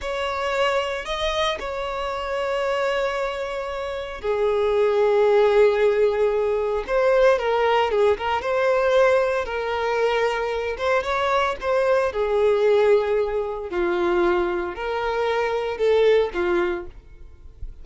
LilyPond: \new Staff \with { instrumentName = "violin" } { \time 4/4 \tempo 4 = 114 cis''2 dis''4 cis''4~ | cis''1 | gis'1~ | gis'4 c''4 ais'4 gis'8 ais'8 |
c''2 ais'2~ | ais'8 c''8 cis''4 c''4 gis'4~ | gis'2 f'2 | ais'2 a'4 f'4 | }